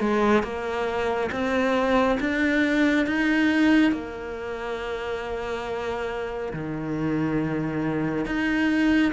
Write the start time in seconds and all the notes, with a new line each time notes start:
0.00 G#3
0.43 A#3
1.32 C4
2.20 D4
3.07 D#4
3.92 A#3
6.53 D#3
8.26 D#4